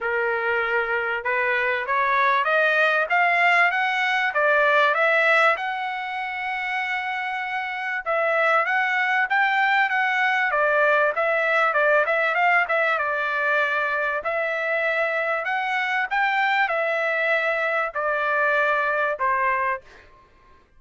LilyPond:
\new Staff \with { instrumentName = "trumpet" } { \time 4/4 \tempo 4 = 97 ais'2 b'4 cis''4 | dis''4 f''4 fis''4 d''4 | e''4 fis''2.~ | fis''4 e''4 fis''4 g''4 |
fis''4 d''4 e''4 d''8 e''8 | f''8 e''8 d''2 e''4~ | e''4 fis''4 g''4 e''4~ | e''4 d''2 c''4 | }